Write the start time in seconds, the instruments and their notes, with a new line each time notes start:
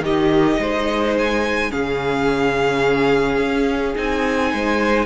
0.00 cello D#3, viola D#4, violin G4 D#5
0.59 cello G#3, violin C5
1.18 violin G#5
1.70 cello C#3, viola C#4, violin G#4 F5
3.38 cello C#4
3.95 cello C4, viola D#4, violin G#5
4.51 cello G#3, violin C5